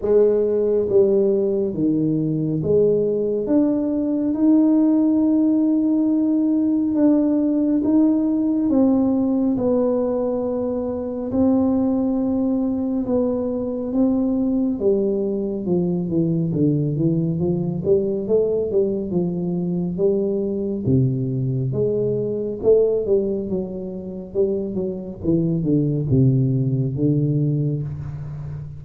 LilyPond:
\new Staff \with { instrumentName = "tuba" } { \time 4/4 \tempo 4 = 69 gis4 g4 dis4 gis4 | d'4 dis'2. | d'4 dis'4 c'4 b4~ | b4 c'2 b4 |
c'4 g4 f8 e8 d8 e8 | f8 g8 a8 g8 f4 g4 | c4 gis4 a8 g8 fis4 | g8 fis8 e8 d8 c4 d4 | }